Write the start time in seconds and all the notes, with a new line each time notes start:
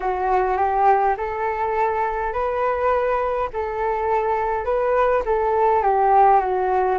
0.00 F#4
0.57 G4
1.17 A4
2.32 B4
3.53 A4
4.64 B4
5.25 A4
5.83 G4
6.40 F#4